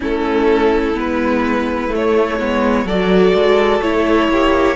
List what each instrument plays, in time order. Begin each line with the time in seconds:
0.00 cello A3, viola C#4, violin E4 A4
0.93 cello G#3, viola B3, violin B4
1.89 viola A3, cello A3, violin C#5
2.39 cello G#3, viola B3
2.84 cello F#3, viola F#4, violin A4 D5
3.33 cello G#3
3.81 cello A3, viola E4, violin C#5
4.28 cello A#3, violin G4